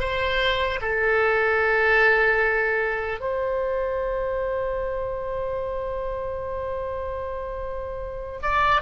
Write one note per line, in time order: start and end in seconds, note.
0.00 0.80 C5
0.82 3.20 A4
3.20 8.40 C5
8.43 8.82 D5